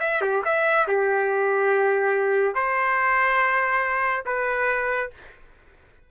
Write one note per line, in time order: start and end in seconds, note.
0.00 0.21 E5
0.21 0.42 G4
0.45 0.87 E5
0.88 2.55 G4
2.55 4.24 C5
4.26 5.10 B4